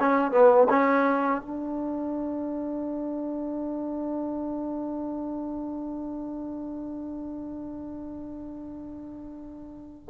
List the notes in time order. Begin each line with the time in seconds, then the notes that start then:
0.00 C#4
0.32 B3
0.70 C#4
1.42 D4